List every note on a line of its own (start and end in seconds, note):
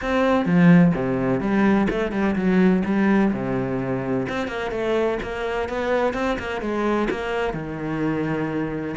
0.01 0.45 C4
0.45 0.92 F3
0.94 1.40 C3
1.40 1.87 G3
1.89 2.11 A3
2.11 2.35 G3
2.35 2.83 F#3
2.85 3.32 G3
3.32 4.27 C3
4.28 4.47 C4
4.47 4.71 A#3
4.71 5.18 A3
5.22 5.68 A#3
5.68 6.13 B3
6.13 6.37 C4
6.38 6.61 A#3
6.61 7.08 G#3
7.10 7.53 A#3
7.53 8.95 D#3